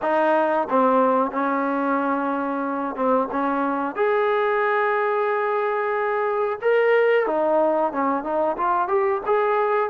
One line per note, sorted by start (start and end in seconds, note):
0.02 0.67 D#4
0.69 1.31 C4
1.31 2.95 C#4
2.95 3.28 C4
3.31 3.95 C#4
3.95 6.59 G#4
6.61 7.26 A#4
7.26 7.92 D#4
7.92 8.23 C#4
8.23 8.56 D#4
8.57 8.88 F4
8.88 9.21 G4
9.25 9.90 G#4